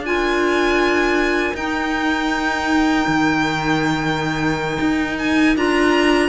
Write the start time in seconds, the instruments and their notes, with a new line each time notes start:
0.00 cello D4, clarinet F4 A#4, violin G#5
1.54 cello D#4, clarinet D#4, violin G5
3.07 cello D#3
4.80 cello D#4
5.18 violin G#5
5.56 cello D4, clarinet F4, violin A#5